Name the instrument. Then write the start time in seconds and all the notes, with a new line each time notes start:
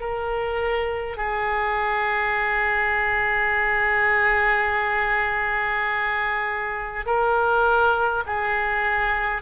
oboe
0.00 A#4
1.17 G#4
7.06 A#4
8.26 G#4